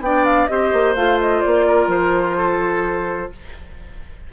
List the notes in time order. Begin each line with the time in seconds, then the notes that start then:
0.00 B3 D4 D5 G5
0.25 F5
0.47 C4 G4 C5 D#5
0.73 A#3
0.96 A3 F4 F5
1.20 D#5
1.42 A#3 D5
1.67 A#4
1.87 F3 C5
2.37 A4